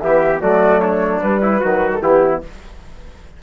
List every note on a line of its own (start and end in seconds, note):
0.00 0.42 E3
0.00 0.40 B3
0.00 0.41 G4
0.00 0.40 E5
0.40 1.22 F#3
0.40 1.20 A3
0.40 0.81 F#4
0.40 0.80 D5
0.80 1.42 D4
0.80 1.20 C#5
1.22 1.62 G3
1.22 1.92 B4
1.42 1.60 E4
1.60 2.02 D#3
1.60 2.01 F#3
1.60 2.00 F#4
1.93 2.02 A4
2.01 2.42 E3
2.01 2.41 B3
2.01 2.42 E4
2.01 2.42 G4